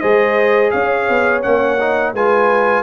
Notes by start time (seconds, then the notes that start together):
0.00 G#3 G#4 C5 D#5
0.71 C#4 C#5 F5
1.09 B3
1.42 A#3 C#4 F#5
1.80 D#4
2.14 G#3 F4 B4 G#5